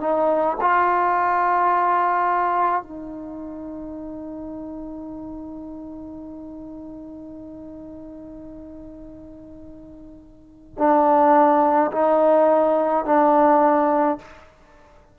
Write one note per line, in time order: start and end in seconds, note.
0.00 0.57 D#4
0.61 2.83 F4
2.83 10.75 D#4
10.78 11.91 D4
11.92 13.05 D#4
13.05 14.18 D4